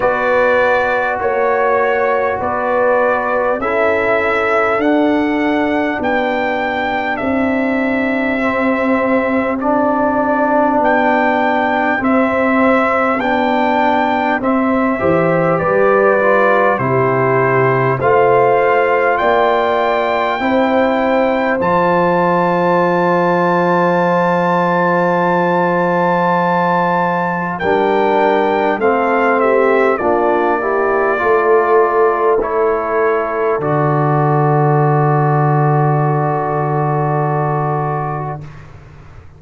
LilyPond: <<
  \new Staff \with { instrumentName = "trumpet" } { \time 4/4 \tempo 4 = 50 d''4 cis''4 d''4 e''4 | fis''4 g''4 e''2 | d''4 g''4 e''4 g''4 | e''4 d''4 c''4 f''4 |
g''2 a''2~ | a''2. g''4 | f''8 e''8 d''2 cis''4 | d''1 | }
  \new Staff \with { instrumentName = "horn" } { \time 4/4 b'4 cis''4 b'4 a'4~ | a'4 g'2.~ | g'1~ | g'8 c''8 b'4 g'4 c''4 |
d''4 c''2.~ | c''2. ais'4 | a'8 g'8 f'8 g'8 a'2~ | a'1 | }
  \new Staff \with { instrumentName = "trombone" } { \time 4/4 fis'2. e'4 | d'2. c'4 | d'2 c'4 d'4 | c'8 g'4 f'8 e'4 f'4~ |
f'4 e'4 f'2~ | f'2. d'4 | c'4 d'8 e'8 f'4 e'4 | fis'1 | }
  \new Staff \with { instrumentName = "tuba" } { \time 4/4 b4 ais4 b4 cis'4 | d'4 b4 c'2~ | c'4 b4 c'4 b4 | c'8 e8 g4 c4 a4 |
ais4 c'4 f2~ | f2. g4 | a4 ais4 a2 | d1 | }
>>